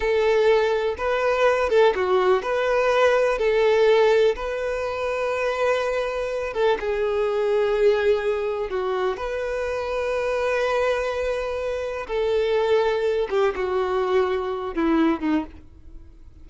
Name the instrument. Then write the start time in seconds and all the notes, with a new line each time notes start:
violin
0.00 A4
0.97 B4
1.69 A4
1.95 F#4
2.42 B4
3.38 A4
4.35 B4
6.53 A4
6.80 G#4
8.70 F#4
9.16 B4
12.07 A4
13.30 G4
13.55 F#4
14.74 E4
15.20 D#4